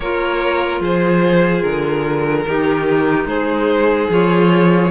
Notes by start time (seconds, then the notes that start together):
0.00 A#3 F4 A#4 C#5
0.80 F3 G#4 C5
1.62 D3 A#4
2.47 D#3 D#4 G4
3.25 G#3 G#4 C5
4.09 F3 F4 C#5